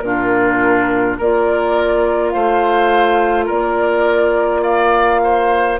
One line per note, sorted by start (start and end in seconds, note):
0.00 1.17 A#2
0.00 1.20 D4
0.00 1.17 F4
0.00 1.15 A#4
1.17 2.34 A#3
1.17 5.79 F4
1.17 2.32 A#4
1.17 2.29 D5
2.29 3.49 A3
2.29 3.45 C5
2.29 3.44 F5
3.45 5.79 A#3
3.45 4.61 A#4
3.45 4.62 D5
4.62 5.20 D5
4.62 5.78 F5
5.23 5.79 C5